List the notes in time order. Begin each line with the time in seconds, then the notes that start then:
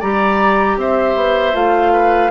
0.00 G3 G4 D5 A#5
0.77 C4 C5 E5
1.15 B3
1.54 A3 F4 F5
1.93 B4